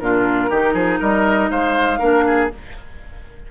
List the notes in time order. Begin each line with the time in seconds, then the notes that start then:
0.00 A#2 D4 F4 A#4
0.50 D#3 D#4 G4
0.74 F3 G#4
1.00 G3 A#4 D#5
1.51 G#3 C5 F5
1.99 A#3 D4 A#4
2.27 G#4